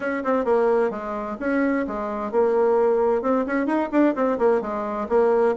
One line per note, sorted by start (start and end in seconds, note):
0.00 0.23 C#4
0.23 0.44 C4
0.44 0.90 A#3
0.90 1.36 G#3
1.39 1.85 C#4
1.87 2.31 G#3
2.31 3.22 A#3
3.22 3.45 C4
3.46 3.66 C#4
3.66 3.89 D#4
3.91 4.14 D4
4.15 4.38 C4
4.38 4.61 A#3
4.61 5.07 G#3
5.08 5.54 A#3